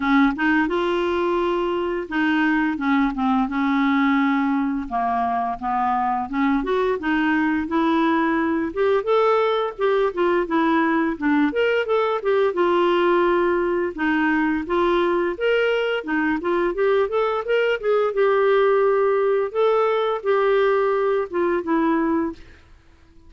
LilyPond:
\new Staff \with { instrumentName = "clarinet" } { \time 4/4 \tempo 4 = 86 cis'8 dis'8 f'2 dis'4 | cis'8 c'8 cis'2 ais4 | b4 cis'8 fis'8 dis'4 e'4~ | e'8 g'8 a'4 g'8 f'8 e'4 |
d'8 ais'8 a'8 g'8 f'2 | dis'4 f'4 ais'4 dis'8 f'8 | g'8 a'8 ais'8 gis'8 g'2 | a'4 g'4. f'8 e'4 | }